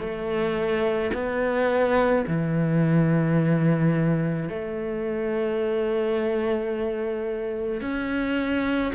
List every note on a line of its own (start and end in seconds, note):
0.00 1.11 A3
1.14 2.25 B3
2.27 4.49 E3
4.49 7.81 A3
7.81 8.92 C#4